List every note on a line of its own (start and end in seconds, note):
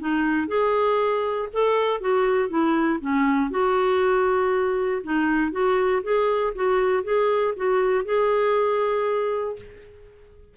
0.00 0.48 D#4
0.48 1.49 G#4
1.53 2.01 A4
2.01 2.49 F#4
2.49 3.00 E4
3.01 3.51 C#4
3.51 5.02 F#4
5.04 5.52 D#4
5.52 6.03 F#4
6.03 6.54 G#4
6.55 7.04 F#4
7.04 7.54 G#4
7.57 8.05 F#4
8.05 9.56 G#4